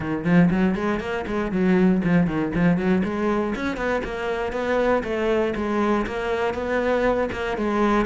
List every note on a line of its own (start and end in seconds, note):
0.00 0.24 D#3
0.24 0.49 F3
0.50 0.75 F#3
0.75 1.00 G#3
1.00 1.25 A#3
1.26 1.51 G#3
1.51 2.02 F#3
2.04 2.26 F3
2.26 2.51 D#3
2.55 2.77 F3
2.77 3.02 F#3
3.04 3.54 G#3
3.55 3.76 C#4
3.76 4.02 B3
4.04 4.52 A#3
4.52 5.02 B3
5.03 5.54 A3
5.55 6.05 G#3
6.06 6.54 A#3
6.54 7.29 B3
7.32 7.57 A#3
7.57 8.05 G#3